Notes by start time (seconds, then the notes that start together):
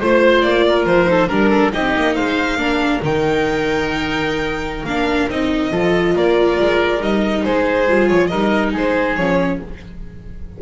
0.00 A3 F4 C5
0.42 A#3 D5
0.68 A#4
0.85 F3 C5
1.06 D#4 A4
1.28 G3 D4 A#4
1.49 A4
1.72 C4 D#4 G4 D#5
1.96 A#3
2.15 G#3 C5 F5
2.57 A#3 D4 A#4
3.02 D#3 D#4 G5
4.84 A#3 D4 F5
5.29 C4 D#4 D#5
5.71 F3 F4 A4
6.15 A#3 A#4 D5
6.60 G#3
7.00 G3 D#4 D#5
7.44 G#3 G#4 C5
7.88 G3 F4
8.08 F3 C#5
8.27 G3 D#4 A#4 D#5
8.73 G#3 G#4 C5
9.16 F3 C#4 C#5